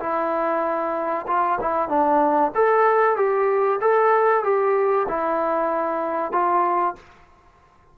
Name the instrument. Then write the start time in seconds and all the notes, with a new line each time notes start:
trombone
0.00 E4
1.27 F4
1.61 E4
1.89 D4
2.55 A4
3.17 G4
3.81 A4
4.44 G4
5.09 E4
6.32 F4